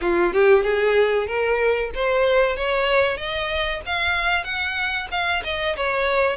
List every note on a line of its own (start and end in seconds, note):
0.01 0.33 F4
0.33 0.63 G4
0.63 1.27 G#4
1.27 1.91 A#4
1.95 2.56 C5
2.56 3.17 C#5
3.17 3.80 D#5
3.86 4.44 F5
4.44 5.07 F#5
5.11 5.43 F5
5.44 5.76 D#5
5.76 6.36 C#5